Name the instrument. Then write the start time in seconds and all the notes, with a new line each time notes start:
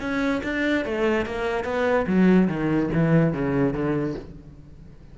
cello
0.00 C#4
0.43 D4
0.85 A3
1.26 A#3
1.64 B3
2.07 F#3
2.48 D#3
2.93 E3
3.33 C#3
3.74 D3